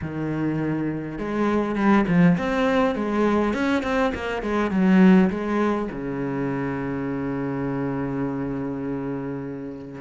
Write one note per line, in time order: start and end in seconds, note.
0.01 1.18 D#3
1.18 1.75 G#3
1.75 2.05 G3
2.07 2.37 F3
2.37 2.95 C4
2.95 3.53 G#3
3.53 3.82 C#4
3.82 4.12 C4
4.14 4.42 A#3
4.42 4.70 G#3
4.70 5.29 F#3
5.29 5.88 G#3
5.91 10.01 C#3